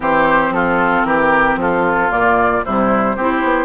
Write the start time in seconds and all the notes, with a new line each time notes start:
0.00 E3 C4 G4 C5
0.50 F3 F4 A4
1.04 E3 G4 A#4
1.55 F3 F4 A4
2.10 A#2 A#3 D5
2.64 C3 G3 E4 C5
3.15 C4 E4 G4
3.43 B3